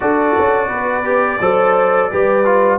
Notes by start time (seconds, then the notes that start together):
0.00 D4 F#4 A4 D5
0.38 C#4
0.68 B3 B4
1.04 G4
1.40 F#3 A4 C5
2.11 G3 G4 B4
2.45 F4